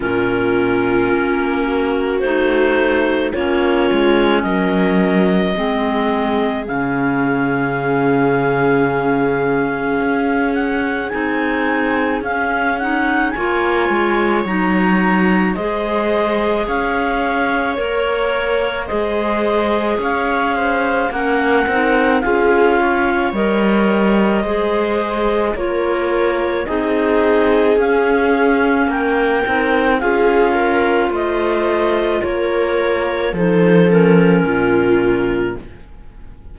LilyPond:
<<
  \new Staff \with { instrumentName = "clarinet" } { \time 4/4 \tempo 4 = 54 ais'2 c''4 cis''4 | dis''2 f''2~ | f''4. fis''8 gis''4 f''8 fis''8 | gis''4 ais''4 dis''4 f''4 |
cis''4 dis''4 f''4 fis''4 | f''4 dis''2 cis''4 | dis''4 f''4 g''4 f''4 | dis''4 cis''4 c''8 ais'4. | }
  \new Staff \with { instrumentName = "viola" } { \time 4/4 f'4. fis'4. f'4 | ais'4 gis'2.~ | gis'1 | cis''2 c''4 cis''4~ |
cis''4 c''4 cis''8 c''8 ais'4 | gis'8 cis''4. c''4 ais'4 | gis'2 ais'4 gis'8 ais'8 | c''4 ais'4 a'4 f'4 | }
  \new Staff \with { instrumentName = "clarinet" } { \time 4/4 cis'2 dis'4 cis'4~ | cis'4 c'4 cis'2~ | cis'2 dis'4 cis'8 dis'8 | f'4 dis'4 gis'2 |
ais'4 gis'2 cis'8 dis'8 | f'4 ais'4 gis'4 f'4 | dis'4 cis'4. dis'8 f'4~ | f'2 dis'8 cis'4. | }
  \new Staff \with { instrumentName = "cello" } { \time 4/4 ais,4 ais4 a4 ais8 gis8 | fis4 gis4 cis2~ | cis4 cis'4 c'4 cis'4 | ais8 gis8 fis4 gis4 cis'4 |
ais4 gis4 cis'4 ais8 c'8 | cis'4 g4 gis4 ais4 | c'4 cis'4 ais8 c'8 cis'4 | a4 ais4 f4 ais,4 | }
>>